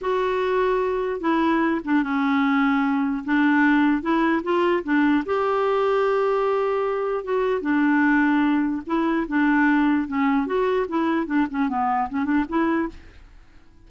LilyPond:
\new Staff \with { instrumentName = "clarinet" } { \time 4/4 \tempo 4 = 149 fis'2. e'4~ | e'8 d'8 cis'2. | d'2 e'4 f'4 | d'4 g'2.~ |
g'2 fis'4 d'4~ | d'2 e'4 d'4~ | d'4 cis'4 fis'4 e'4 | d'8 cis'8 b4 cis'8 d'8 e'4 | }